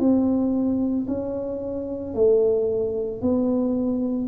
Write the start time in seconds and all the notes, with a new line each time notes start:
0.00 C4
1.08 C#4
2.14 A3
3.21 B3